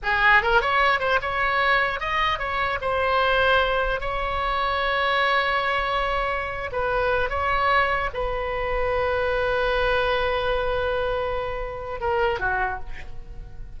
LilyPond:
\new Staff \with { instrumentName = "oboe" } { \time 4/4 \tempo 4 = 150 gis'4 ais'8 cis''4 c''8 cis''4~ | cis''4 dis''4 cis''4 c''4~ | c''2 cis''2~ | cis''1~ |
cis''8. b'4. cis''4.~ cis''16~ | cis''16 b'2.~ b'8.~ | b'1~ | b'2 ais'4 fis'4 | }